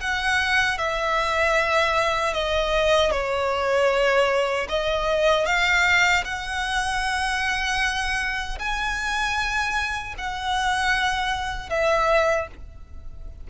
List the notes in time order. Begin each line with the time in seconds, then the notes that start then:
0.00 F#5
0.78 E5
2.33 D#5
3.11 C#5
4.68 D#5
5.46 F5
6.24 F#5
8.59 G#5
10.18 F#5
11.69 E5